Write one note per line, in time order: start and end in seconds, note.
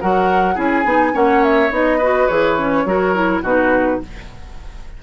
0.00 0.56 F#3
0.00 0.55 F#4
0.00 0.54 A#4
0.00 0.58 F#5
0.54 0.84 C#4
0.54 0.83 E4
0.54 1.11 G#4
0.54 1.16 G#5
0.84 1.13 B3
0.84 1.12 D#4
1.12 1.70 A#3
1.12 1.70 C#4
1.12 1.97 C#5
1.12 1.43 F#5
1.43 1.72 E5
1.70 2.27 B3
1.70 1.99 D#4
1.70 2.27 D#5
1.97 2.29 F#4
1.97 2.83 B4
2.27 2.85 E3
2.27 2.57 G#4
2.27 3.41 C#5
2.57 2.86 C#4
2.85 3.42 F#3
2.85 3.14 F#4
2.85 3.42 A#4
3.14 3.43 E4
3.42 3.99 B2
3.42 4.02 D#4
3.42 3.99 F#4
3.42 4.02 B4